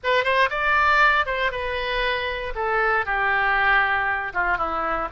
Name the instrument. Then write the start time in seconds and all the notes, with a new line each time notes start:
oboe
0.03 B4
0.24 C5
0.50 D5
1.26 C5
1.51 B4
2.55 A4
3.05 G4
4.33 F4
4.57 E4